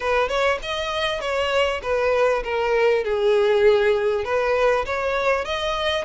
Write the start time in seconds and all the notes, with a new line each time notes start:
0.00 B4
0.28 C#5
0.62 D#5
1.20 C#5
1.82 B4
2.43 A#4
3.03 G#4
4.24 B4
4.85 C#5
5.45 D#5